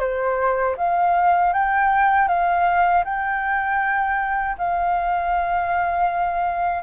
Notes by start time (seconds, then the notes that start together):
0.00 C5
0.78 F5
1.54 G5
2.29 F5
3.05 G5
4.58 F5